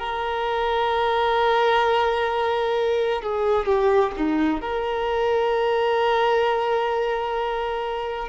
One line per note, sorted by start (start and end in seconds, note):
0.00 3.23 A#4
3.23 3.66 G#4
3.66 4.12 G4
4.17 4.62 D#4
4.62 8.29 A#4